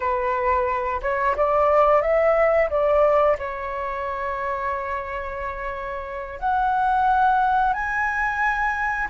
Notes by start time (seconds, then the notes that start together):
0.00 B4
1.02 C#5
1.36 D5
2.01 E5
2.70 D5
3.38 C#5
6.39 F#5
7.73 G#5